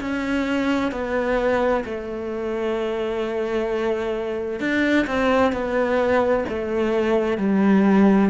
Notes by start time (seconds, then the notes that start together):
0.00 C#4
0.91 B3
1.84 A3
4.59 D4
5.06 C4
5.52 B3
6.49 A3
7.37 G3